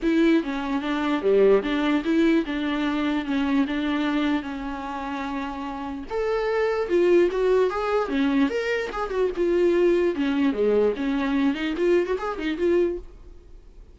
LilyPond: \new Staff \with { instrumentName = "viola" } { \time 4/4 \tempo 4 = 148 e'4 cis'4 d'4 g4 | d'4 e'4 d'2 | cis'4 d'2 cis'4~ | cis'2. a'4~ |
a'4 f'4 fis'4 gis'4 | cis'4 ais'4 gis'8 fis'8 f'4~ | f'4 cis'4 gis4 cis'4~ | cis'8 dis'8 f'8. fis'16 gis'8 dis'8 f'4 | }